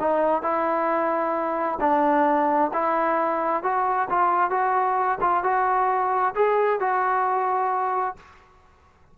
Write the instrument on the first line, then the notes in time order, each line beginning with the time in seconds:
trombone
0.00 D#4
0.43 E4
1.81 D4
2.73 E4
3.63 F#4
4.10 F4
4.51 F#4
5.21 F4
5.44 F#4
6.36 G#4
6.80 F#4